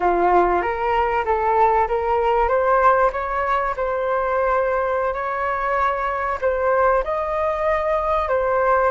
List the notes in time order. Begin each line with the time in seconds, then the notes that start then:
0.00 F4
0.61 A#4
1.25 A4
1.88 A#4
2.48 C5
3.12 C#5
3.76 C5
5.13 C#5
6.41 C5
7.04 D#5
8.28 C5